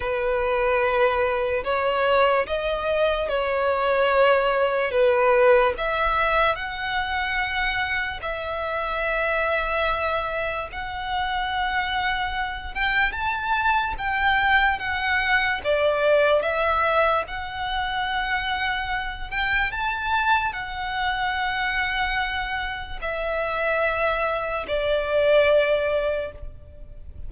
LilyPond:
\new Staff \with { instrumentName = "violin" } { \time 4/4 \tempo 4 = 73 b'2 cis''4 dis''4 | cis''2 b'4 e''4 | fis''2 e''2~ | e''4 fis''2~ fis''8 g''8 |
a''4 g''4 fis''4 d''4 | e''4 fis''2~ fis''8 g''8 | a''4 fis''2. | e''2 d''2 | }